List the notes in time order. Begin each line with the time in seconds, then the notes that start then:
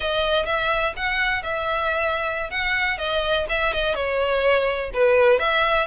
0.00 D#5
0.45 E5
0.96 F#5
1.42 E5
2.50 F#5
2.98 D#5
3.49 E5
3.73 D#5
3.94 C#5
4.93 B4
5.39 E5